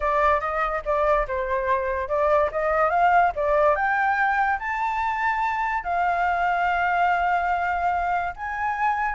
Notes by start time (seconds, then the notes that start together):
0.00 D5
0.40 D#5
0.85 D5
1.27 C5
2.08 D5
2.51 D#5
2.90 F5
3.35 D5
3.75 G5
4.59 A5
5.83 F5
8.35 G#5